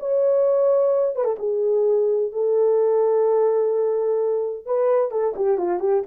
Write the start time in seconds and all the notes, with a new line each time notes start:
0.00 C#5
1.16 B4
1.24 A4
1.39 G#4
2.33 A4
4.66 B4
5.11 A4
5.36 G4
5.58 F4
5.80 G4